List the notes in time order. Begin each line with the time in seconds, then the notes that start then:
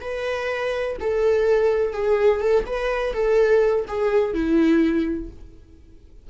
0.00 B4
1.00 A4
1.93 G#4
2.40 A4
2.66 B4
3.13 A4
3.87 G#4
4.33 E4